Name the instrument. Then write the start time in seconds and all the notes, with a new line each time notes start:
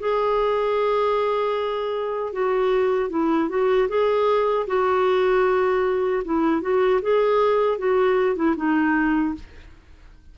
clarinet
0.00 G#4
2.33 F#4
3.10 E4
3.50 F#4
3.89 G#4
4.68 F#4
6.25 E4
6.62 F#4
7.02 G#4
7.79 F#4
8.36 E4
8.57 D#4